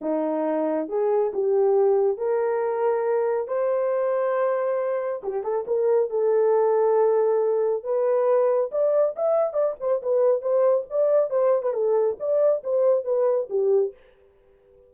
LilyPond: \new Staff \with { instrumentName = "horn" } { \time 4/4 \tempo 4 = 138 dis'2 gis'4 g'4~ | g'4 ais'2. | c''1 | g'8 a'8 ais'4 a'2~ |
a'2 b'2 | d''4 e''4 d''8 c''8 b'4 | c''4 d''4 c''8. b'16 a'4 | d''4 c''4 b'4 g'4 | }